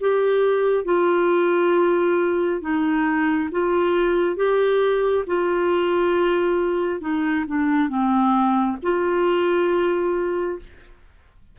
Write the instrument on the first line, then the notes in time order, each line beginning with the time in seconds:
clarinet
0.00 G4
0.85 F4
2.61 D#4
3.51 F4
4.36 G4
5.27 F4
7.01 D#4
7.47 D4
7.89 C4
8.83 F4